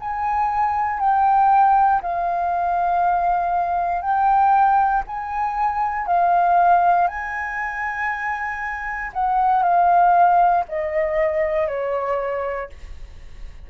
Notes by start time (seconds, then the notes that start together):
0.00 G#5
1.00 G5
2.02 F5
4.02 G5
5.07 G#5
6.07 F5
7.08 G#5
9.13 F#5
9.63 F5
10.68 D#5
11.68 C#5